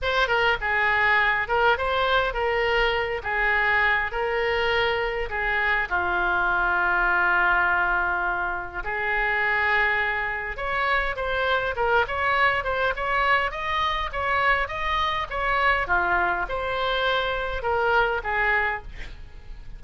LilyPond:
\new Staff \with { instrumentName = "oboe" } { \time 4/4 \tempo 4 = 102 c''8 ais'8 gis'4. ais'8 c''4 | ais'4. gis'4. ais'4~ | ais'4 gis'4 f'2~ | f'2. gis'4~ |
gis'2 cis''4 c''4 | ais'8 cis''4 c''8 cis''4 dis''4 | cis''4 dis''4 cis''4 f'4 | c''2 ais'4 gis'4 | }